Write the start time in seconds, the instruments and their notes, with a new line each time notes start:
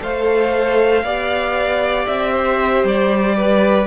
0.00 cello A3, viola A4, violin C5 F5
1.03 cello B3, viola G4, violin D5
2.07 cello C4, violin E5
2.32 violin C5
2.84 cello G3, violin D5
3.36 violin B4